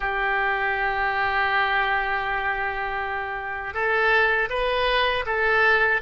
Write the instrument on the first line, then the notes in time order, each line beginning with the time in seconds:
oboe
0.00 G4
3.73 A4
4.49 B4
5.26 A4